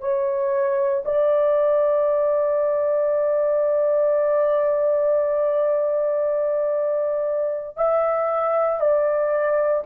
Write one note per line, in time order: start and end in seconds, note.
0.00 1.03 C#5
1.05 7.77 D5
7.77 8.80 E5
8.80 9.84 D5